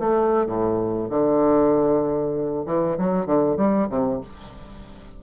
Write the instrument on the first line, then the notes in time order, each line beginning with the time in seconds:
bassoon
0.00 A3
0.47 A2
1.11 D3
2.66 E3
2.98 F#3
3.26 D3
3.57 G3
3.90 C3